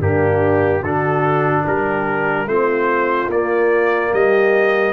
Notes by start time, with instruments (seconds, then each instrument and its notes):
0.00 tuba G2, trombone A#3, horn D4, trumpet G4
0.80 tuba D3, trombone D4, horn F#4, trumpet A4
1.65 tuba G3, horn G4, trumpet A#4
2.46 tuba A3, trombone C4, horn F4, trumpet C5
3.28 tuba A#3, trombone A#3, trumpet D5
4.13 tuba G3, horn G4, trumpet D#5